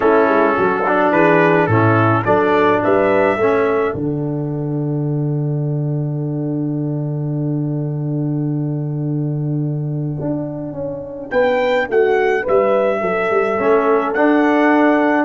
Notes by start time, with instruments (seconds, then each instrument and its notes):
0.00 tuba A3, trombone C#4, horn E4, trumpet A4
0.28 tuba G#3
0.56 tuba F#3, horn F#4
0.87 trombone D4
1.11 tuba E3, horn G#4, trumpet B4
1.66 tuba A2, trombone C#4, horn E4, trumpet A4
2.24 tuba F#3, trombone D4, horn A4, trumpet D5
2.83 tuba G3, horn B4, trumpet E5
3.36 tuba A3, trombone C#4, horn A4
3.94 tuba D3, trombone D4, trumpet F#5
10.20 tuba D4
10.72 tuba C#4
11.30 tuba B3, horn B4, trumpet G5
11.88 tuba A3, horn F#4, trumpet F#5
12.42 tuba G3, horn B4, trumpet E5
13.00 tuba F#3, horn A4
13.29 tuba G3
13.58 tuba A3, trombone C#4
14.13 tuba D4, trombone D4, trumpet F#5